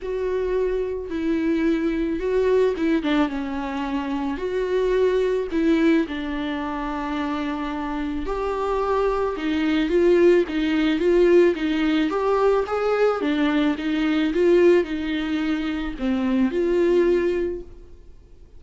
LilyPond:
\new Staff \with { instrumentName = "viola" } { \time 4/4 \tempo 4 = 109 fis'2 e'2 | fis'4 e'8 d'8 cis'2 | fis'2 e'4 d'4~ | d'2. g'4~ |
g'4 dis'4 f'4 dis'4 | f'4 dis'4 g'4 gis'4 | d'4 dis'4 f'4 dis'4~ | dis'4 c'4 f'2 | }